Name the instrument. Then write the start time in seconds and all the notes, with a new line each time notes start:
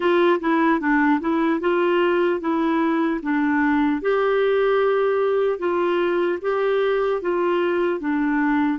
clarinet
0.00 F4
0.40 E4
0.80 D4
1.20 E4
1.60 F4
2.40 E4
3.22 D4
4.01 G4
5.59 F4
6.41 G4
7.21 F4
8.00 D4